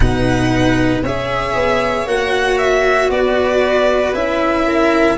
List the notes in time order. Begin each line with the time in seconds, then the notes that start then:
0.00 B2 D#4 B4 F#5
1.03 C#4 G#4 C#5 E5
1.55 B3
2.06 A#3 F#4 F#5
2.58 E5
3.09 B3 B4 D5
4.13 C#4 E4 E5
4.67 A#4